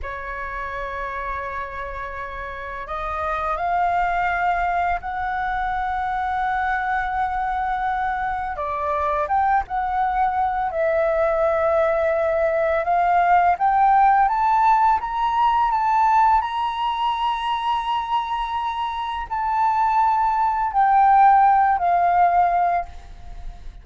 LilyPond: \new Staff \with { instrumentName = "flute" } { \time 4/4 \tempo 4 = 84 cis''1 | dis''4 f''2 fis''4~ | fis''1 | d''4 g''8 fis''4. e''4~ |
e''2 f''4 g''4 | a''4 ais''4 a''4 ais''4~ | ais''2. a''4~ | a''4 g''4. f''4. | }